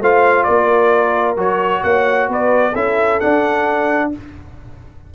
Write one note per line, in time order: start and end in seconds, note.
0.00 0.45 A3
0.00 1.36 F4
0.00 0.45 C5
0.00 0.43 F5
0.43 1.36 A#3
0.43 1.81 A#4
0.43 1.34 D5
1.36 1.82 F#3
1.36 2.73 F#4
1.36 1.83 C#5
1.83 2.28 A#3
1.83 2.29 C#5
1.83 2.28 F#5
2.28 2.74 B3
2.28 2.72 B4
2.28 2.75 D5
2.72 3.20 C#4
2.72 3.20 E4
2.72 4.08 A4
2.72 3.20 E5
3.20 4.12 D4
3.20 4.14 D4
3.20 4.11 F#5